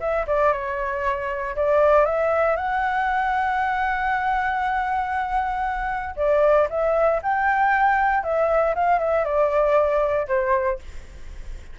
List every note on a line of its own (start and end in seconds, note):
0.00 0.26 E5
0.27 0.53 D5
0.53 1.56 C#5
1.56 2.06 D5
2.06 2.57 E5
2.57 6.16 F#5
6.17 6.68 D5
6.70 7.21 E5
7.23 8.24 G5
8.24 8.75 E5
8.75 9.00 F5
9.00 9.25 E5
9.25 10.28 D5
10.28 10.79 C5